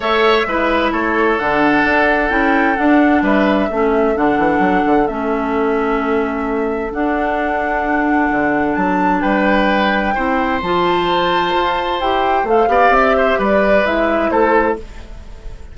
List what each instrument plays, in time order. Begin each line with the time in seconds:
0.00 bassoon A3, clarinet A4, oboe C#5, flute E5
0.45 bassoon G#3, clarinet E4, oboe B4
0.91 bassoon A3, oboe A4, flute C#5
1.38 bassoon D3, clarinet D4, flute F#5
1.84 bassoon D4
2.29 bassoon C#4, clarinet E4, flute G5
2.75 clarinet D4, bassoon D4, flute F#5
3.21 bassoon G3, oboe B4, flute E5
3.69 bassoon A3, clarinet C#4, oboe A4
4.14 bassoon D3, clarinet D4, flute F#5
4.37 bassoon E3
4.59 bassoon F#3
4.86 bassoon D3
5.07 bassoon A3, clarinet C#4, flute E5
6.90 clarinet D4, bassoon D4, flute F#5
8.30 bassoon D3
8.75 bassoon F#3, flute A5
9.21 bassoon G3, oboe B4, flute G5
10.14 bassoon C4, clarinet E4, oboe C5
10.62 bassoon F3, clarinet F4, flute A5
11.54 bassoon F4
12.00 bassoon E4, clarinet G4, flute G5
12.43 bassoon A3, clarinet A4, flute F5
12.68 bassoon B3, clarinet G4, oboe D5
12.89 bassoon C4, flute E5
13.16 oboe C5
13.38 bassoon G3, oboe B4, flute D5
13.84 bassoon G#3, clarinet E4, flute E5
14.30 bassoon A3, oboe A4, flute C5